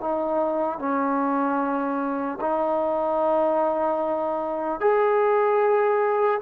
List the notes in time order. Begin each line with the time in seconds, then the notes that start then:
0.00 D#4
0.79 C#4
2.40 D#4
4.80 G#4